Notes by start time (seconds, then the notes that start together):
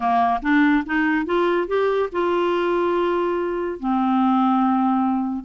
0.00 A#3
0.42 D4
0.85 D#4
1.25 F4
1.67 G4
2.12 F4
3.79 C4